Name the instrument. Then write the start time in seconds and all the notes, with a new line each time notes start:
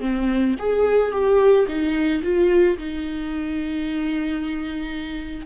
viola
0.00 C4
0.59 G#4
1.11 G4
1.67 D#4
2.22 F4
2.77 D#4